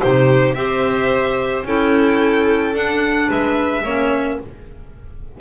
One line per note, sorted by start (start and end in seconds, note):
0.00 0.54 C3
0.00 0.55 D#4
0.00 0.57 G4
0.00 0.54 C5
0.54 1.63 C4
0.54 1.65 G4
0.54 1.66 C5
0.54 1.63 E5
1.64 2.73 C#4
1.64 2.74 E4
1.64 3.28 A4
1.64 2.75 G5
2.73 3.28 D4
2.73 3.83 D4
2.73 3.30 F#5
3.28 3.84 G#3
3.28 3.82 B4
3.28 4.40 E5
3.83 4.38 A#3
3.83 4.40 C#4
3.83 4.37 C#5